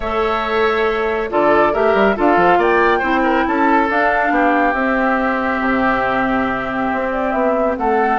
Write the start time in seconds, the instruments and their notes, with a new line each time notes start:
0.00 bassoon A3, clarinet A4, oboe C#5, flute E5
1.29 bassoon D3, clarinet F4, oboe A4, flute D5
1.72 bassoon A3, clarinet G4, oboe A#4, flute E5
1.94 bassoon G3
2.15 bassoon D4, clarinet F4, oboe A4, flute F5
2.36 bassoon F3
2.57 bassoon A#3, oboe D5, flute G5
2.98 bassoon C4, clarinet E4, oboe C5
3.23 oboe A#4
3.47 bassoon C#4, oboe A4, flute A5
3.88 clarinet D4, bassoon D4, flute F5
4.30 bassoon B3, oboe G4
4.73 bassoon C4, clarinet C4, flute E5
5.60 bassoon C3
6.93 bassoon C4
7.11 flute D5
7.31 bassoon B3, flute E5
7.77 bassoon A3, oboe A4, flute F#5